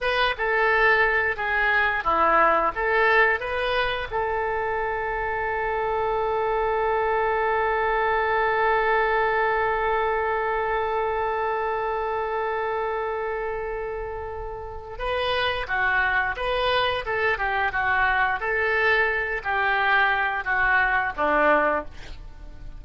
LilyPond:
\new Staff \with { instrumentName = "oboe" } { \time 4/4 \tempo 4 = 88 b'8 a'4. gis'4 e'4 | a'4 b'4 a'2~ | a'1~ | a'1~ |
a'1~ | a'2 b'4 fis'4 | b'4 a'8 g'8 fis'4 a'4~ | a'8 g'4. fis'4 d'4 | }